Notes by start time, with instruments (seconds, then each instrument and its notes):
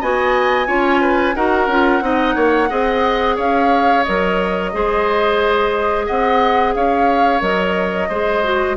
0.00 bassoon B3, clarinet F#4, oboe D#5, flute G#5
0.66 bassoon C#4, clarinet F4, oboe C#5
1.01 oboe B4
1.35 bassoon D#4, clarinet F#4, oboe A#4, flute F#5
1.67 bassoon C#4, clarinet F4
2.01 bassoon C4, clarinet D#4, oboe D#5
2.35 bassoon A#3, oboe C#5
2.69 bassoon C4, clarinet G#4, oboe D#5
3.36 bassoon C#4, oboe C#5, flute F5
4.04 bassoon F#3, clarinet A#4, flute D#5
4.73 bassoon G#3, clarinet G#4, oboe C5
6.06 bassoon C4, oboe D#5, flute F#5
6.74 bassoon C#4, oboe C#5, flute F5
7.40 bassoon F#3, clarinet A#4, flute D#5
8.09 bassoon G#3, clarinet G#4, oboe C5
8.44 clarinet F#4